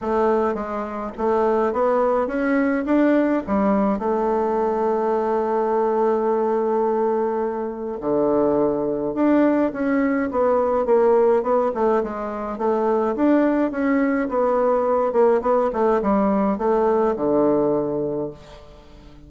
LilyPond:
\new Staff \with { instrumentName = "bassoon" } { \time 4/4 \tempo 4 = 105 a4 gis4 a4 b4 | cis'4 d'4 g4 a4~ | a1~ | a2 d2 |
d'4 cis'4 b4 ais4 | b8 a8 gis4 a4 d'4 | cis'4 b4. ais8 b8 a8 | g4 a4 d2 | }